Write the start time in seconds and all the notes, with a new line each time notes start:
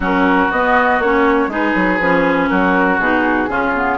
0.00 F#3 C#4 F#4 A#4
0.51 B3 D#5
0.99 A#3 C#4 C#5
1.47 G#3 D#4 G#4
1.53 B4
1.74 F#3
1.99 F3 C#4
2.48 F#3 F#4 A#4
2.98 B2 D#4 G#4
3.48 C#3 C#4 F4
3.74 B3